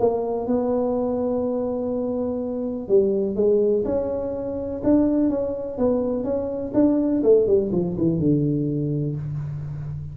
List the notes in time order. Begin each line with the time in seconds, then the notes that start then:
0.00 A#3
0.47 B3
2.88 G3
3.36 G#3
3.85 C#4
4.84 D4
5.30 C#4
5.78 B3
6.24 C#4
6.74 D4
7.23 A3
7.47 G3
7.72 F3
7.98 E3
8.19 D3